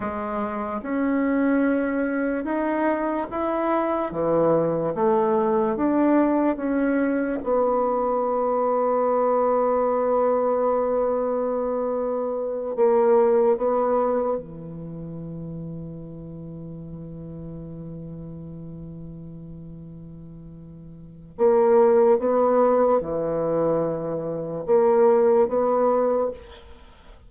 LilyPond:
\new Staff \with { instrumentName = "bassoon" } { \time 4/4 \tempo 4 = 73 gis4 cis'2 dis'4 | e'4 e4 a4 d'4 | cis'4 b2.~ | b2.~ b8 ais8~ |
ais8 b4 e2~ e8~ | e1~ | e2 ais4 b4 | e2 ais4 b4 | }